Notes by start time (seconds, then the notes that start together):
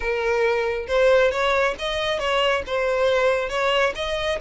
0.00 A#4
0.87 C5
1.31 C#5
1.79 D#5
2.19 C#5
2.66 C5
3.49 C#5
3.95 D#5